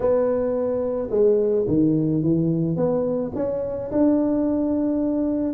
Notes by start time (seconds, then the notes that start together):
0.00 B3
1.10 G#3
1.67 D#3
2.22 E3
2.76 B3
3.35 C#4
3.91 D4